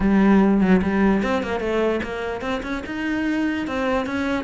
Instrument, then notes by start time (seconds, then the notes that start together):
cello
0.00 G3
0.60 F#3
0.82 G3
1.22 C4
1.42 A#3
1.59 A3
2.03 A#3
2.41 C4
2.62 C#4
2.86 D#4
3.67 C4
4.06 C#4